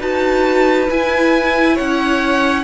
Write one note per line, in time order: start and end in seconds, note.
0.00 0.89 D#4
0.00 0.88 F#4
0.00 1.75 B4
0.00 0.90 A5
0.90 1.79 E4
0.90 2.64 E4
0.90 1.78 G#5
1.75 2.64 C#4
1.75 2.63 C#5
1.75 2.64 F#5